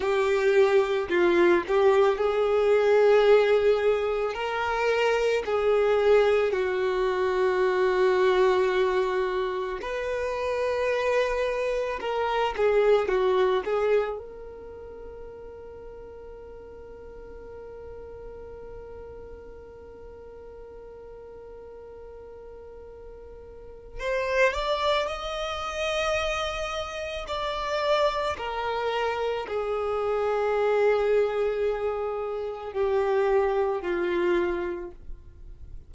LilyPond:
\new Staff \with { instrumentName = "violin" } { \time 4/4 \tempo 4 = 55 g'4 f'8 g'8 gis'2 | ais'4 gis'4 fis'2~ | fis'4 b'2 ais'8 gis'8 | fis'8 gis'8 ais'2.~ |
ais'1~ | ais'2 c''8 d''8 dis''4~ | dis''4 d''4 ais'4 gis'4~ | gis'2 g'4 f'4 | }